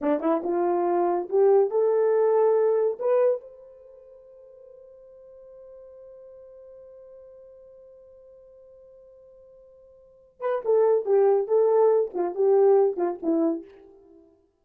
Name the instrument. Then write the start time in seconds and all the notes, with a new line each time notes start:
horn
0.01 D4
0.20 E4
0.43 F4
1.29 G4
1.70 A4
2.99 B4
3.40 C5
10.40 B4
10.64 A4
11.05 G4
11.47 A4
12.14 F4
12.35 G4
12.96 F4
13.22 E4